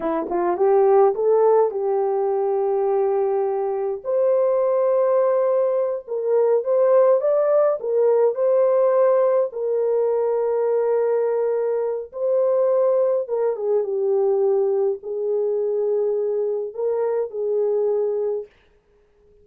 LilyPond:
\new Staff \with { instrumentName = "horn" } { \time 4/4 \tempo 4 = 104 e'8 f'8 g'4 a'4 g'4~ | g'2. c''4~ | c''2~ c''8 ais'4 c''8~ | c''8 d''4 ais'4 c''4.~ |
c''8 ais'2.~ ais'8~ | ais'4 c''2 ais'8 gis'8 | g'2 gis'2~ | gis'4 ais'4 gis'2 | }